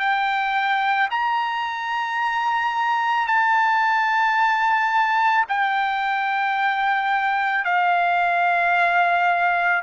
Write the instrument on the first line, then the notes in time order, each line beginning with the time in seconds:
trumpet
0.00 G5
1.11 A#5
3.27 A5
5.49 G5
7.65 F5